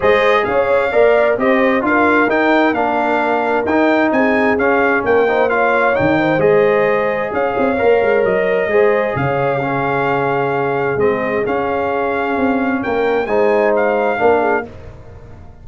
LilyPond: <<
  \new Staff \with { instrumentName = "trumpet" } { \time 4/4 \tempo 4 = 131 dis''4 f''2 dis''4 | f''4 g''4 f''2 | g''4 gis''4 f''4 g''4 | f''4 g''4 dis''2 |
f''2 dis''2 | f''1 | dis''4 f''2. | g''4 gis''4 f''2 | }
  \new Staff \with { instrumentName = "horn" } { \time 4/4 c''4 cis''4 d''4 c''4 | ais'1~ | ais'4 gis'2 ais'8 c''8 | cis''4. c''2~ c''8 |
cis''2. c''4 | cis''4 gis'2.~ | gis'1 | ais'4 c''2 ais'8 gis'8 | }
  \new Staff \with { instrumentName = "trombone" } { \time 4/4 gis'2 ais'4 g'4 | f'4 dis'4 d'2 | dis'2 cis'4. dis'8 | f'4 dis'4 gis'2~ |
gis'4 ais'2 gis'4~ | gis'4 cis'2. | c'4 cis'2.~ | cis'4 dis'2 d'4 | }
  \new Staff \with { instrumentName = "tuba" } { \time 4/4 gis4 cis'4 ais4 c'4 | d'4 dis'4 ais2 | dis'4 c'4 cis'4 ais4~ | ais4 dis4 gis2 |
cis'8 c'8 ais8 gis8 fis4 gis4 | cis1 | gis4 cis'2 c'4 | ais4 gis2 ais4 | }
>>